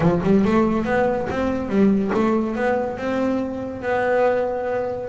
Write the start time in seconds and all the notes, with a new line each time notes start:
0.00 F3
0.23 G3
0.44 A3
0.85 B3
1.29 C4
1.68 G3
2.14 A3
2.55 B3
2.97 C4
3.82 B3